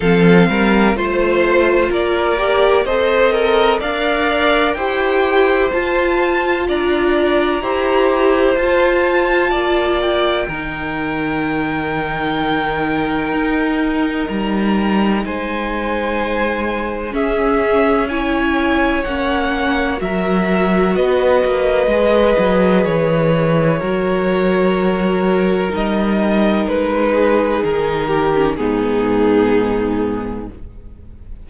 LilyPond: <<
  \new Staff \with { instrumentName = "violin" } { \time 4/4 \tempo 4 = 63 f''4 c''4 d''4 c''8 ais'8 | f''4 g''4 a''4 ais''4~ | ais''4 a''4. g''4.~ | g''2. ais''4 |
gis''2 e''4 gis''4 | fis''4 e''4 dis''2 | cis''2. dis''4 | b'4 ais'4 gis'2 | }
  \new Staff \with { instrumentName = "violin" } { \time 4/4 a'8 ais'8 c''4 ais'4 dis''4 | d''4 c''2 d''4 | c''2 d''4 ais'4~ | ais'1 |
c''2 gis'4 cis''4~ | cis''4 ais'4 b'2~ | b'4 ais'2.~ | ais'8 gis'4 g'8 dis'2 | }
  \new Staff \with { instrumentName = "viola" } { \time 4/4 c'4 f'4. g'8 a'4 | ais'4 g'4 f'2 | g'4 f'2 dis'4~ | dis'1~ |
dis'2 cis'4 e'4 | cis'4 fis'2 gis'4~ | gis'4 fis'2 dis'4~ | dis'4.~ dis'16 cis'16 b2 | }
  \new Staff \with { instrumentName = "cello" } { \time 4/4 f8 g8 a4 ais4 c'4 | d'4 e'4 f'4 d'4 | e'4 f'4 ais4 dis4~ | dis2 dis'4 g4 |
gis2 cis'2 | ais4 fis4 b8 ais8 gis8 fis8 | e4 fis2 g4 | gis4 dis4 gis,2 | }
>>